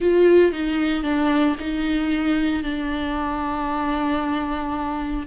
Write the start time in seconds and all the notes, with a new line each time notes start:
0.00 F4
0.52 D#4
1.03 D4
1.59 D#4
2.63 D4